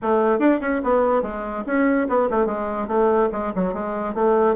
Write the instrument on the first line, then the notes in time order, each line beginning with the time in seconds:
bassoon
0.02 A3
0.39 D4
0.60 C#4
0.83 B3
1.22 G#3
1.66 C#4
2.08 B3
2.30 A3
2.46 G#3
2.87 A3
3.32 G#3
3.55 F#3
3.73 G#3
4.14 A3